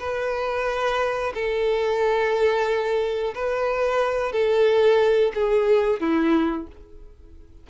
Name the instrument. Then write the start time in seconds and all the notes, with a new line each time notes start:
violin
0.00 B4
1.35 A4
3.35 B4
4.32 A4
5.35 G#4
6.01 E4